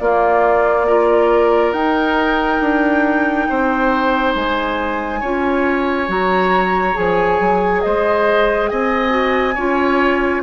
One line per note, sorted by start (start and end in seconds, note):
0.00 1.73 A#3
0.00 0.88 A#3
0.00 0.87 F4
0.00 1.73 D5
0.87 1.75 F4
0.87 3.48 A#4
1.73 2.60 D#4
1.73 5.24 D#4
1.73 4.34 G5
2.61 3.48 D4
3.49 4.36 C4
3.49 5.21 C5
4.36 5.22 G#3
4.36 6.10 G#5
5.21 6.09 C#4
5.21 6.08 F4
5.21 7.82 C#5
6.08 6.96 F#3
6.08 6.94 F#4
6.08 6.97 A#5
6.94 7.40 F3
6.94 9.09 G#4
6.94 7.82 G#5
7.40 7.84 F#3
7.82 8.72 G#3
7.82 8.71 C5
7.82 8.69 D#5
8.69 9.57 C4
8.69 9.55 D#5
8.69 10.43 G#5
9.09 9.53 F#4
9.55 10.44 C#4
9.55 10.44 F4
9.55 10.42 C#5